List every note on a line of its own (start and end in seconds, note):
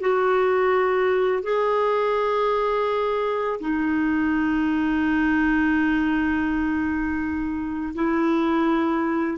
0.00 1.43 F#4
1.43 3.60 G#4
3.60 7.94 D#4
7.95 9.38 E4